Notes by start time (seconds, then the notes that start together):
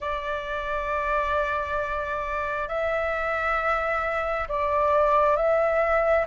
0.00 D5
2.68 E5
4.48 D5
5.36 E5